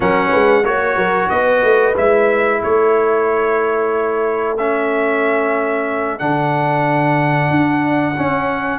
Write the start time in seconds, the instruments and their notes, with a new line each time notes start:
0.00 tuba F#3, trombone C#4, horn A#4, trumpet F#5
0.29 tuba G#3, horn B4
0.64 tuba A#3, trombone F#4, trumpet C#5, horn C#5
0.96 tuba F#3, horn A#4
1.29 tuba B3, horn B4, trumpet D#5
1.63 tuba A3
1.96 tuba G#3, trombone E4, trumpet E5
2.61 tuba A3, horn A4, trumpet C#5
4.57 trombone C#4, trumpet E5
6.18 tuba D3, trombone D4, trumpet F#5
7.50 tuba D4
8.16 trombone C#4, tuba C#4